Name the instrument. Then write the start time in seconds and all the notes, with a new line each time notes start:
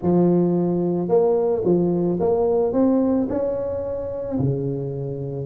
tuba
0.02 F3
1.08 A#3
1.64 F3
2.20 A#3
2.72 C4
3.29 C#4
4.39 C#3